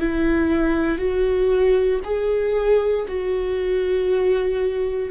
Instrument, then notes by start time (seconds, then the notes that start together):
viola
0.00 E4
0.99 F#4
2.04 G#4
3.08 F#4